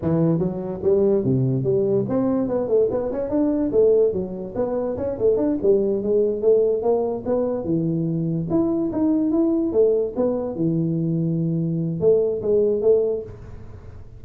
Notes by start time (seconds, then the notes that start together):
0.02 E3
0.39 F#3
0.82 G3
1.24 C3
1.63 G3
2.08 C4
2.48 B3
2.67 A3
2.90 B3
3.12 C#4
3.29 D4
3.71 A3
4.12 F#3
4.55 B3
4.97 C#4
5.18 A3
5.36 D4
5.62 G3
6.02 G#3
6.41 A3
6.82 A#3
7.25 B3
7.64 E3
8.50 E4
8.92 D#4
9.31 E4
9.72 A3
10.16 B3
10.55 E3
12.00 A3
12.42 G#3
12.81 A3